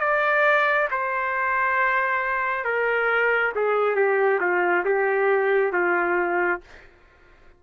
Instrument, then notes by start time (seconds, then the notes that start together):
trumpet
0.00 D5
0.91 C5
2.64 A#4
3.55 G#4
3.95 G4
4.40 F4
4.85 G4
5.72 F4